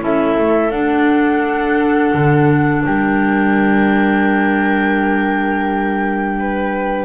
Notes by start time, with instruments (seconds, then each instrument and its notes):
0.00 double bass C#4, clarinet E4, viola A4, flute E5
0.38 double bass A3
0.71 double bass D4, clarinet D4, flute F#5
2.14 double bass D3
2.85 double bass G3, viola A#4, flute G5
6.39 viola B4